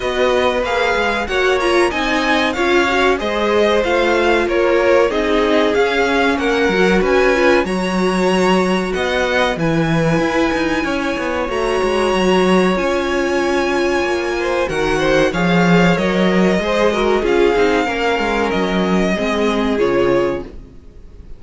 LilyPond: <<
  \new Staff \with { instrumentName = "violin" } { \time 4/4 \tempo 4 = 94 dis''4 f''4 fis''8 ais''8 gis''4 | f''4 dis''4 f''4 cis''4 | dis''4 f''4 fis''4 gis''4 | ais''2 fis''4 gis''4~ |
gis''2 ais''2 | gis''2. fis''4 | f''4 dis''2 f''4~ | f''4 dis''2 cis''4 | }
  \new Staff \with { instrumentName = "violin" } { \time 4/4 b'2 cis''4 dis''4 | cis''4 c''2 ais'4 | gis'2 ais'4 b'4 | cis''2 dis''4 b'4~ |
b'4 cis''2.~ | cis''2~ cis''8 c''8 ais'8 c''8 | cis''2 c''8 ais'8 gis'4 | ais'2 gis'2 | }
  \new Staff \with { instrumentName = "viola" } { \time 4/4 fis'4 gis'4 fis'8 f'8 dis'4 | f'8 fis'8 gis'4 f'2 | dis'4 cis'4. fis'4 f'8 | fis'2. e'4~ |
e'2 fis'2 | f'2. fis'4 | gis'4 ais'4 gis'8 fis'8 f'8 dis'8 | cis'2 c'4 f'4 | }
  \new Staff \with { instrumentName = "cello" } { \time 4/4 b4 ais8 gis8 ais4 c'4 | cis'4 gis4 a4 ais4 | c'4 cis'4 ais8 fis8 cis'4 | fis2 b4 e4 |
e'8 dis'8 cis'8 b8 a8 gis8 fis4 | cis'2 ais4 dis4 | f4 fis4 gis4 cis'8 c'8 | ais8 gis8 fis4 gis4 cis4 | }
>>